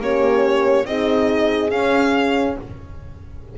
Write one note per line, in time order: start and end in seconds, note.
0.00 0.85 A#3
0.00 0.86 C#4
0.00 0.86 G4
0.00 0.86 C#5
0.85 1.71 C4
0.85 1.70 D#4
0.85 2.58 G#4
0.85 1.70 D#5
1.70 2.56 C#4
1.70 2.56 F5